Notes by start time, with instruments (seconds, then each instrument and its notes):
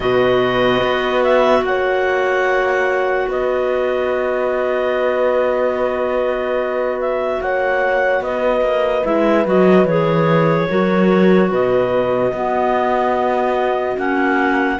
0.00 cello B2, clarinet F#4 D#5, horn B4
0.83 cello B3
1.23 clarinet E5
1.61 cello A#3, horn C#5, clarinet F#5
3.28 cello B3, horn B4, clarinet D#5
7.00 clarinet E5
7.41 cello A#3, horn C#5, clarinet F#5
8.20 cello B3, horn B4, clarinet D#5
8.61 cello A#3
9.03 cello G#3, clarinet E4 E5
9.45 cello F#3, clarinet F#4 D#5
9.84 cello E3, clarinet G#4 C#5
10.68 cello F#3, clarinet F#4, horn A#4
11.49 cello B2, horn B4, clarinet D#5
12.32 cello B3, clarinet B3, horn F#4
13.96 cello A#3, clarinet C#4 F#5